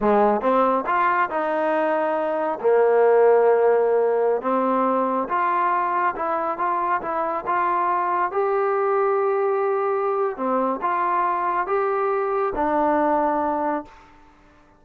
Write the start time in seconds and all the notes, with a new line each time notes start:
0.00 G#3
0.41 C4
0.86 F4
1.29 D#4
2.60 A#3
4.41 C4
5.28 F4
6.15 E4
6.58 F4
7.01 E4
7.46 F4
8.31 G4
10.37 C4
10.81 F4
11.66 G4
12.55 D4